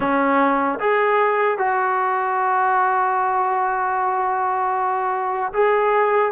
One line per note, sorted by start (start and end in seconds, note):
0.00 0.79 C#4
0.79 1.58 G#4
1.58 5.53 F#4
5.53 6.32 G#4